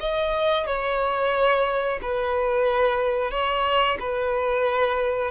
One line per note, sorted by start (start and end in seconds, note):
0.00 0.66 D#5
0.66 1.99 C#5
2.02 3.31 B4
3.31 3.97 C#5
3.99 5.31 B4